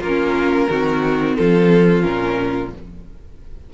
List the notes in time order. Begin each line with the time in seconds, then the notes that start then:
0.00 A#3 C#4 F4 A#4
0.70 D#3 C4 F#4
1.35 F3 F4 A4
2.01 A#2 C#4 A#4